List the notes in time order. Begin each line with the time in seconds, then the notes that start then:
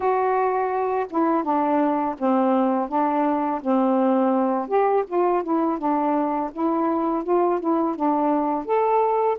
0.00 F#4
1.09 E4
1.43 D4
2.18 C4
2.88 D4
3.61 C4
4.68 G4
5.07 F4
5.43 E4
5.78 D4
6.52 E4
7.23 F4
7.60 E4
7.95 D4
8.65 A4